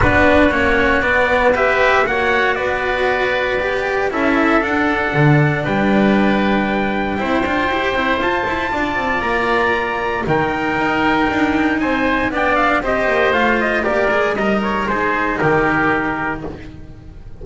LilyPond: <<
  \new Staff \with { instrumentName = "trumpet" } { \time 4/4 \tempo 4 = 117 b'4 cis''4 d''4 e''4 | fis''4 d''2. | e''4 fis''2 g''4~ | g''1 |
a''2 ais''2 | g''2. gis''4 | g''8 f''8 dis''4 f''8 dis''8 d''4 | dis''8 cis''8 c''4 ais'2 | }
  \new Staff \with { instrumentName = "oboe" } { \time 4/4 fis'2. b'4 | cis''4 b'2. | a'2. b'4~ | b'2 c''2~ |
c''4 d''2. | ais'2. c''4 | d''4 c''2 ais'4 | dis'4 gis'4 g'2 | }
  \new Staff \with { instrumentName = "cello" } { \time 4/4 d'4 cis'4 b4 g'4 | fis'2. g'4 | e'4 d'2.~ | d'2 e'8 f'8 g'8 e'8 |
f'1 | dis'1 | d'4 g'4 f'4 g'8 gis'8 | ais'4 dis'2. | }
  \new Staff \with { instrumentName = "double bass" } { \time 4/4 b4 ais4 b2 | ais4 b2. | cis'4 d'4 d4 g4~ | g2 c'8 d'8 e'8 c'8 |
f'8 e'8 d'8 c'8 ais2 | dis4 dis'4 d'4 c'4 | b4 c'8 ais8 a4 ais8 gis8 | g4 gis4 dis2 | }
>>